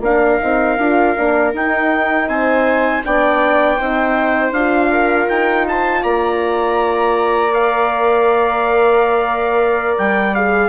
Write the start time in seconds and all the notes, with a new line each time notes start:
0.00 A#3 D4 A#4 F5
0.40 C4 D#4
0.77 D4 F4
1.16 A#3 D4
1.53 D#4 G5
2.27 C4 C5 G#5
3.04 B3 D4 D5 G5
3.77 C4 D#4 C5
4.51 D4 F4 F5
4.91 A#4
5.29 D#4 G5
5.68 C5 A5
6.01 A#3 D5 A#5
7.53 A#4 F5
9.98 G3 G5
10.34 G#4 F5